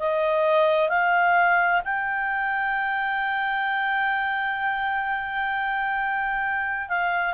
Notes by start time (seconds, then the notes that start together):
0.00 D#5
0.89 F5
1.85 G5
6.89 F5